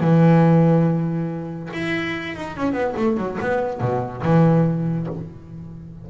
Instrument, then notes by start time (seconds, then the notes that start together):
double bass
0.00 E3
1.73 E4
2.36 D#4
2.57 C#4
2.73 B3
2.96 A3
3.17 F#3
3.41 B3
3.80 B2
4.23 E3